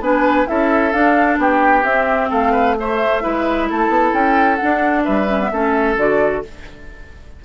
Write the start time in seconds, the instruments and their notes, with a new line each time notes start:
0.00 bassoon B3, clarinet D4, oboe B4, flute G#5
0.46 bassoon C#4, clarinet E4, oboe A4, flute E5
0.92 bassoon D4, clarinet D4, flute F5
1.38 bassoon B3, oboe G4, flute G5
1.84 bassoon C4, clarinet C4, flute E5
2.30 bassoon A3, oboe A4, flute F5
2.52 oboe B4
2.78 clarinet A3, oboe C5, flute E5
3.21 bassoon G#3, clarinet E4, oboe B4
3.69 bassoon A3, oboe A4, flute A5
3.89 bassoon B3
4.13 bassoon C#4, flute G5
4.56 clarinet D4, flute F#5
4.63 bassoon D4
5.04 bassoon G3, oboe B4, flute E5
5.28 clarinet C#4
5.40 clarinet B3
5.51 bassoon A3, clarinet C#4, oboe A4
5.97 bassoon D3, clarinet F#4, flute D5